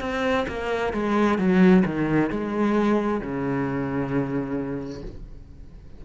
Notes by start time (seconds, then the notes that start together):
0.00 C4
0.48 A#3
0.93 G#3
1.38 F#3
1.86 D#3
2.30 G#3
3.21 C#3